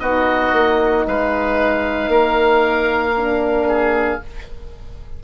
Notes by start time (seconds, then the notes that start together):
0.00 B3 D#4 F#4 D#5
0.53 A#3
1.07 G#3 B4 F5
2.09 A#3 A#4
3.17 D4
3.69 G#4